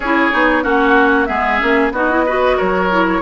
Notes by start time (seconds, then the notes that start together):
0.00 C#4 E4 G#4 C#5
0.32 B3 D#4
0.63 A#3 C#4 F#4 F#5
1.25 G#3 B3 G#4 E5
1.59 A#3 C#4
1.91 B3 D#4 F#4 D#5
2.10 E4
2.26 F#4 B4
2.56 F#3 A#4 C#5
2.90 E4